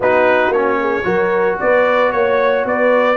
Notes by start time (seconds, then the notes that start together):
0.00 B3 D#4 F#4 B4
0.49 A#3 C#4 C#5
0.80 G#4
1.03 F#3 F#4 A#4
1.59 B3 B4 D5
2.12 A#3 C#5
2.64 B3 B4 D5